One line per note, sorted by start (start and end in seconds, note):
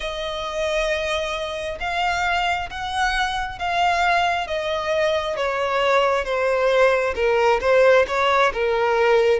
0.00 1.78 D#5
1.80 2.69 F5
2.69 3.58 F#5
3.58 4.47 F5
4.47 5.36 D#5
5.36 6.24 C#5
6.24 7.14 C5
7.15 7.60 A#4
7.60 8.05 C5
8.07 8.52 C#5
8.53 9.39 A#4